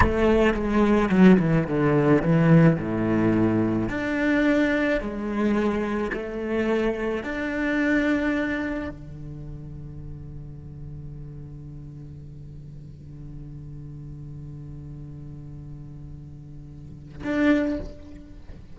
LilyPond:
\new Staff \with { instrumentName = "cello" } { \time 4/4 \tempo 4 = 108 a4 gis4 fis8 e8 d4 | e4 a,2 d'4~ | d'4 gis2 a4~ | a4 d'2. |
d1~ | d1~ | d1~ | d2. d'4 | }